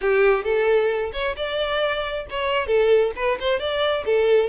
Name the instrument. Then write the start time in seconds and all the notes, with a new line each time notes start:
violin
0.01 G4
0.44 A4
1.13 C#5
1.36 D5
2.29 C#5
2.66 A4
3.16 B4
3.40 C5
3.59 D5
4.05 A4